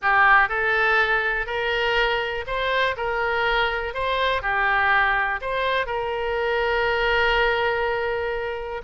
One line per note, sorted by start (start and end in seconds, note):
0.02 0.48 G4
0.48 1.46 A4
1.46 2.44 A#4
2.46 2.95 C5
2.96 3.94 A#4
3.94 4.42 C5
4.42 5.40 G4
5.41 5.86 C5
5.86 8.81 A#4